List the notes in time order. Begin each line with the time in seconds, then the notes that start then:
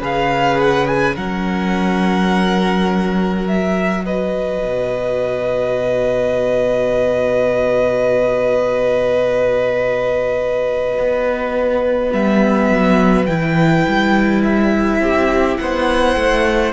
0.00 C#3 G#4 B4 F5
0.60 F#5
0.87 G#5
1.15 F#3 C#4 A#4 F#5
3.45 F#4 E5
4.06 B4 D#5
4.64 B2
10.98 B3
12.11 G3 B3 E5
12.69 F#3
13.26 E3 E4 G5
13.88 G3
14.44 E5
15.00 C4 G4
15.57 B3 C5 F#5
16.16 A3